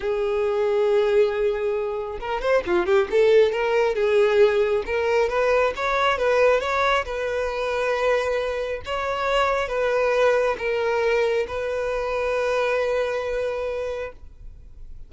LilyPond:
\new Staff \with { instrumentName = "violin" } { \time 4/4 \tempo 4 = 136 gis'1~ | gis'4 ais'8 c''8 f'8 g'8 a'4 | ais'4 gis'2 ais'4 | b'4 cis''4 b'4 cis''4 |
b'1 | cis''2 b'2 | ais'2 b'2~ | b'1 | }